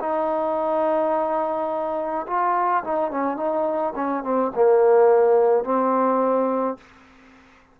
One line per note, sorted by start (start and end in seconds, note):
0.00 2.26 D#4
2.27 2.84 F4
2.84 3.11 D#4
3.11 3.37 C#4
3.37 3.94 D#4
3.95 4.23 C#4
4.23 4.52 C4
4.55 5.64 A#3
5.64 6.78 C4